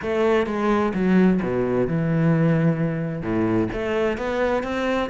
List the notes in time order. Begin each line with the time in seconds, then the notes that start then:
0.02 A3
0.46 G#3
0.94 F#3
1.42 B2
1.87 E3
3.21 A2
3.72 A3
4.17 B3
4.63 C4